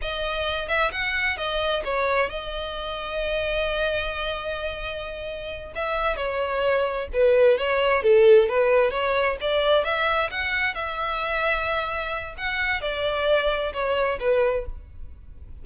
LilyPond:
\new Staff \with { instrumentName = "violin" } { \time 4/4 \tempo 4 = 131 dis''4. e''8 fis''4 dis''4 | cis''4 dis''2.~ | dis''1~ | dis''8 e''4 cis''2 b'8~ |
b'8 cis''4 a'4 b'4 cis''8~ | cis''8 d''4 e''4 fis''4 e''8~ | e''2. fis''4 | d''2 cis''4 b'4 | }